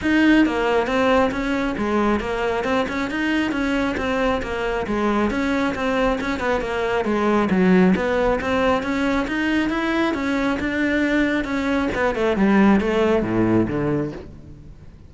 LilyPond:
\new Staff \with { instrumentName = "cello" } { \time 4/4 \tempo 4 = 136 dis'4 ais4 c'4 cis'4 | gis4 ais4 c'8 cis'8 dis'4 | cis'4 c'4 ais4 gis4 | cis'4 c'4 cis'8 b8 ais4 |
gis4 fis4 b4 c'4 | cis'4 dis'4 e'4 cis'4 | d'2 cis'4 b8 a8 | g4 a4 a,4 d4 | }